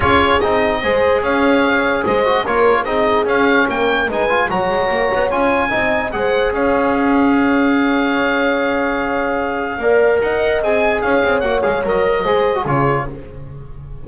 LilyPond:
<<
  \new Staff \with { instrumentName = "oboe" } { \time 4/4 \tempo 4 = 147 cis''4 dis''2 f''4~ | f''4 dis''4 cis''4 dis''4 | f''4 g''4 gis''4 ais''4~ | ais''4 gis''2 fis''4 |
f''1~ | f''1~ | f''4 fis''4 gis''4 f''4 | fis''8 f''8 dis''2 cis''4 | }
  \new Staff \with { instrumentName = "horn" } { \time 4/4 gis'2 c''4 cis''4~ | cis''4 c''4 ais'4 gis'4~ | gis'4 ais'4 b'4 cis''4~ | cis''2 dis''4 c''4 |
cis''1~ | cis''1 | d''4 dis''2 cis''4~ | cis''2 c''4 gis'4 | }
  \new Staff \with { instrumentName = "trombone" } { \time 4/4 f'4 dis'4 gis'2~ | gis'4. fis'8 f'4 dis'4 | cis'2 dis'8 f'8 fis'4~ | fis'4 f'4 dis'4 gis'4~ |
gis'1~ | gis'1 | ais'2 gis'2 | fis'8 gis'8 ais'4 gis'8. fis'16 f'4 | }
  \new Staff \with { instrumentName = "double bass" } { \time 4/4 cis'4 c'4 gis4 cis'4~ | cis'4 gis4 ais4 c'4 | cis'4 ais4 gis4 fis8 gis8 | ais8 b8 cis'4 c'4 gis4 |
cis'1~ | cis'1 | ais4 dis'4 c'4 cis'8 c'8 | ais8 gis8 fis4 gis4 cis4 | }
>>